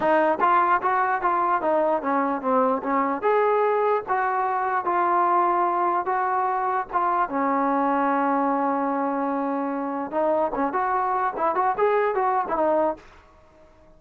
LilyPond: \new Staff \with { instrumentName = "trombone" } { \time 4/4 \tempo 4 = 148 dis'4 f'4 fis'4 f'4 | dis'4 cis'4 c'4 cis'4 | gis'2 fis'2 | f'2. fis'4~ |
fis'4 f'4 cis'2~ | cis'1~ | cis'4 dis'4 cis'8 fis'4. | e'8 fis'8 gis'4 fis'8. e'16 dis'4 | }